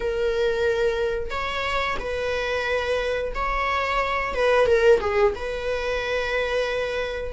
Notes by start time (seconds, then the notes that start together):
0.00 A#4
1.30 C#5
1.99 B4
3.35 C#5
4.34 B4
4.66 A#4
5.00 G#4
5.35 B4